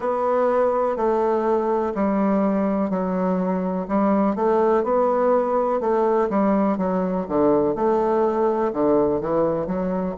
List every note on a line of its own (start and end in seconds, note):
0.00 0.96 B3
0.96 1.93 A3
1.94 2.89 G3
2.89 3.86 F#3
3.88 4.35 G3
4.35 4.83 A3
4.83 5.80 B3
5.80 6.29 A3
6.29 6.77 G3
6.77 7.25 F#3
7.28 7.75 D3
7.75 8.71 A3
8.73 9.20 D3
9.20 9.66 E3
9.66 10.14 F#3